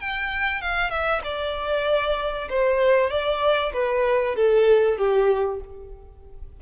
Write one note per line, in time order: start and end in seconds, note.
0.00 0.61 G5
0.61 0.90 F5
0.90 1.22 E5
1.24 2.49 D5
2.49 3.10 C5
3.10 3.72 D5
3.74 4.36 B4
4.36 4.98 A4
4.98 5.60 G4